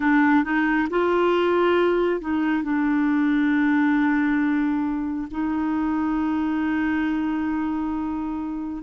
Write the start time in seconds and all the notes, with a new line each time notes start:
0.00 D4
0.44 D#4
0.89 F4
2.20 D#4
2.63 D4
5.31 D#4